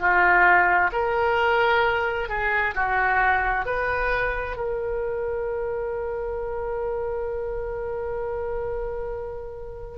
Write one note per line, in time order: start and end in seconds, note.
0.00 0.91 F4
0.93 2.29 A#4
2.29 2.75 G#4
2.75 3.66 F#4
3.66 4.57 B4
4.57 9.98 A#4